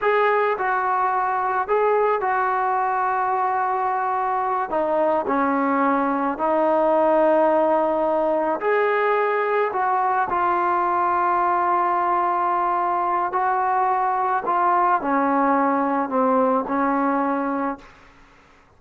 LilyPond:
\new Staff \with { instrumentName = "trombone" } { \time 4/4 \tempo 4 = 108 gis'4 fis'2 gis'4 | fis'1~ | fis'8 dis'4 cis'2 dis'8~ | dis'2.~ dis'8 gis'8~ |
gis'4. fis'4 f'4.~ | f'1 | fis'2 f'4 cis'4~ | cis'4 c'4 cis'2 | }